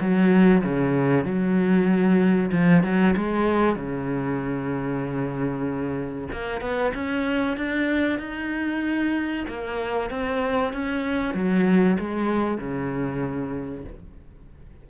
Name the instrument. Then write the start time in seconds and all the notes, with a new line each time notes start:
cello
0.00 F#3
0.64 C#3
1.25 F#3
2.52 F3
2.83 F#3
3.17 G#3
3.76 C#3
6.32 A#3
6.61 B3
6.94 C#4
7.57 D4
8.19 D#4
9.48 A#3
10.10 C4
10.73 C#4
11.34 F#3
11.99 G#3
12.58 C#3